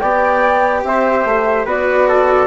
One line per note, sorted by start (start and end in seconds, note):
0.00 0.84 B3
0.00 1.67 G4
0.00 0.83 D5
0.00 0.82 G5
0.84 1.25 C4
0.84 1.66 C5
0.84 1.67 E5
1.25 1.65 A3
1.65 2.47 B3
1.65 2.47 F#4
1.65 2.07 B4
1.65 2.47 D5
2.08 2.47 A4